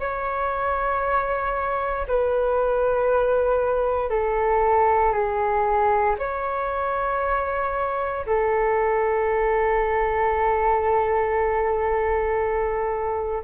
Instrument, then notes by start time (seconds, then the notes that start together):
flute
0.00 C#5
2.07 B4
4.10 A4
5.13 G#4
6.19 C#5
8.26 A4